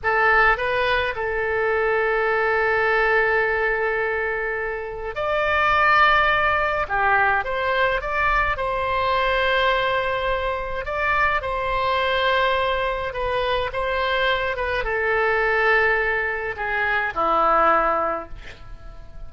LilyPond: \new Staff \with { instrumentName = "oboe" } { \time 4/4 \tempo 4 = 105 a'4 b'4 a'2~ | a'1~ | a'4 d''2. | g'4 c''4 d''4 c''4~ |
c''2. d''4 | c''2. b'4 | c''4. b'8 a'2~ | a'4 gis'4 e'2 | }